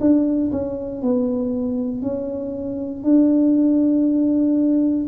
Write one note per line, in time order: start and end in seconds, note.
0.00 0.51 D4
0.51 1.02 C#4
1.02 2.02 B3
2.02 3.03 C#4
3.03 5.07 D4